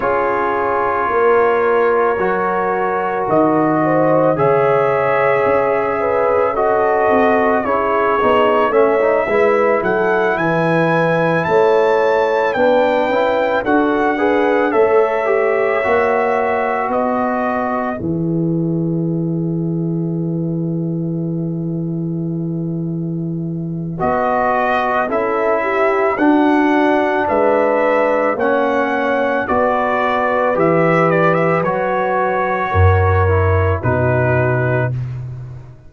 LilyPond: <<
  \new Staff \with { instrumentName = "trumpet" } { \time 4/4 \tempo 4 = 55 cis''2. dis''4 | e''2 dis''4 cis''4 | e''4 fis''8 gis''4 a''4 g''8~ | g''8 fis''4 e''2 dis''8~ |
dis''8 e''2.~ e''8~ | e''2 dis''4 e''4 | fis''4 e''4 fis''4 d''4 | e''8 d''16 e''16 cis''2 b'4 | }
  \new Staff \with { instrumentName = "horn" } { \time 4/4 gis'4 ais'2~ ais'8 c''8 | cis''4. b'8 a'4 gis'4 | cis''8 b'8 a'8 b'4 cis''4 b'8~ | b'8 a'8 b'8 cis''2 b'8~ |
b'1~ | b'2. a'8 g'8 | fis'4 b'4 cis''4 b'4~ | b'2 ais'4 fis'4 | }
  \new Staff \with { instrumentName = "trombone" } { \time 4/4 f'2 fis'2 | gis'2 fis'4 e'8 dis'8 | cis'16 dis'16 e'2. d'8 | e'8 fis'8 gis'8 a'8 g'8 fis'4.~ |
fis'8 gis'2.~ gis'8~ | gis'2 fis'4 e'4 | d'2 cis'4 fis'4 | g'4 fis'4. e'8 dis'4 | }
  \new Staff \with { instrumentName = "tuba" } { \time 4/4 cis'4 ais4 fis4 dis4 | cis4 cis'4. c'8 cis'8 b8 | a8 gis8 fis8 e4 a4 b8 | cis'8 d'4 a4 ais4 b8~ |
b8 e2.~ e8~ | e2 b4 cis'4 | d'4 gis4 ais4 b4 | e4 fis4 fis,4 b,4 | }
>>